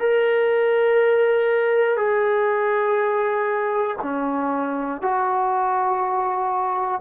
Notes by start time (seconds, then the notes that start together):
0.00 A#4
1.97 G#4
4.03 C#4
5.02 F#4